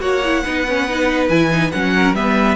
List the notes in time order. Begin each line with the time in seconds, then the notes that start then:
0.00 A#3 F#4 C#5 F#5
0.24 E4
0.43 B3 D#4 B4
0.68 C#4
0.89 D#4
1.28 E3 E4 G#5
1.50 D#4
1.71 F#3 C#4 F#5
1.95 A#4
2.13 G3 B3 B4 E5